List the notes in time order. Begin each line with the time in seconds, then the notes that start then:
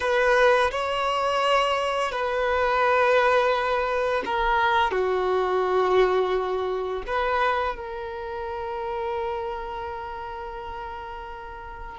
0.00 B4
0.71 C#5
2.11 B4
4.25 A#4
4.91 F#4
7.06 B4
7.75 A#4